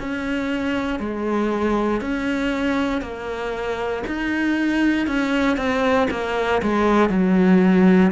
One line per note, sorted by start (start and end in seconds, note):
0.00 1.00 C#4
1.00 2.01 G#3
2.01 3.02 C#4
3.02 4.04 A#3
4.07 5.08 D#4
5.08 5.57 C#4
5.57 6.08 C4
6.11 6.62 A#3
6.62 7.10 G#3
7.10 8.12 F#3